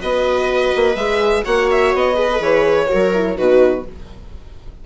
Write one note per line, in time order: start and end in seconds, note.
0.00 0.74 B3
0.00 0.97 F#4
0.00 1.44 B4
0.00 0.96 D#5
0.76 0.96 A#3
0.96 1.44 G#3
0.96 1.45 G#4
0.96 1.44 E5
1.45 1.94 A#3
1.45 2.16 F#4
1.45 2.17 C#5
1.45 1.70 F#5
1.71 1.95 E5
1.94 2.40 B3
1.94 2.43 D#5
2.16 2.27 G#4
2.16 2.89 B4
2.32 2.39 A4
2.39 2.88 E3
2.39 2.87 G#4
2.39 3.37 C#5
2.88 3.12 F#4
2.88 3.37 A#4
2.94 3.39 F#3
3.14 3.36 E4
3.36 3.87 B2
3.36 3.84 D#4
3.36 3.85 F#4
3.36 3.85 B4